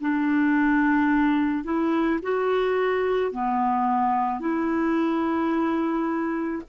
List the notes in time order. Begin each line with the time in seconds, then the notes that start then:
0.00 D4
1.64 E4
2.22 F#4
3.31 B3
4.40 E4